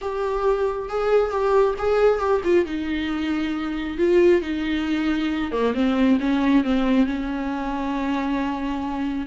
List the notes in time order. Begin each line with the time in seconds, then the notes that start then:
0.01 G4
0.89 G#4
1.30 G4
1.78 G#4
2.19 G4
2.43 F4
2.65 D#4
3.97 F4
4.41 D#4
5.51 A#3
5.74 C4
6.20 C#4
6.64 C4
7.06 C#4